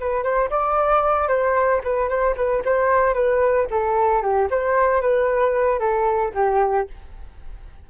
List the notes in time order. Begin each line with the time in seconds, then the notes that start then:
0.00 B4
0.23 C5
0.50 D5
1.28 C5
1.84 B4
2.09 C5
2.37 B4
2.65 C5
3.14 B4
3.70 A4
4.22 G4
4.50 C5
5.01 B4
5.79 A4
6.35 G4